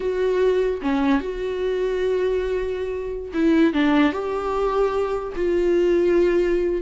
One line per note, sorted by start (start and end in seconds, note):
0.00 0.81 F#4
0.82 1.20 C#4
1.20 3.32 F#4
3.33 3.73 E4
3.73 4.12 D4
4.12 5.33 G4
5.35 6.81 F4